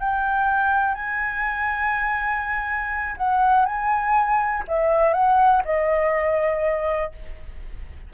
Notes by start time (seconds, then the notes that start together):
0.00 G5
0.95 G#5
3.17 F#5
3.66 G#5
4.68 E5
5.14 F#5
5.65 D#5